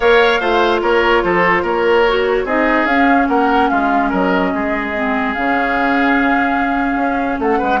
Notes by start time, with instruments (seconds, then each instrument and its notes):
0.00 bassoon A#3, clarinet A#4, oboe C#5, flute F5
0.39 bassoon A3, clarinet F4, oboe C5
0.81 bassoon A#3, oboe A#4, flute C#5
1.23 bassoon F3, oboe A4, flute C5
1.62 bassoon A#3, oboe A#4, flute C#5
2.08 clarinet F#4
2.44 bassoon C4, clarinet D#4, oboe G#4, flute D#5
2.84 bassoon C#4, clarinet C#4, flute F5
3.28 bassoon A#3, oboe A#4, flute F#5
3.69 bassoon G#3, oboe F4, flute F5
4.09 bassoon F#3, oboe A#4, flute D#5
4.53 bassoon G#3, oboe G#4
4.94 clarinet C4
5.33 bassoon C#3, clarinet C#4, flute F5
6.95 bassoon C#4
7.39 bassoon A3, oboe A4, flute F#5
7.58 bassoon G#3, oboe B4